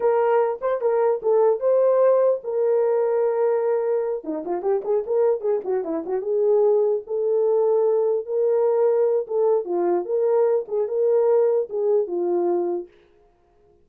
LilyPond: \new Staff \with { instrumentName = "horn" } { \time 4/4 \tempo 4 = 149 ais'4. c''8 ais'4 a'4 | c''2 ais'2~ | ais'2~ ais'8 dis'8 f'8 g'8 | gis'8 ais'4 gis'8 fis'8 e'8 fis'8 gis'8~ |
gis'4. a'2~ a'8~ | a'8 ais'2~ ais'8 a'4 | f'4 ais'4. gis'8 ais'4~ | ais'4 gis'4 f'2 | }